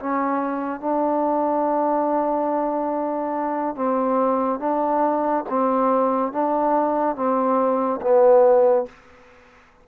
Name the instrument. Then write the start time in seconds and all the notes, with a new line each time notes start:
trombone
0.00 C#4
0.81 D4
3.76 C4
4.60 D4
5.50 C4
6.32 D4
7.16 C4
8.02 B3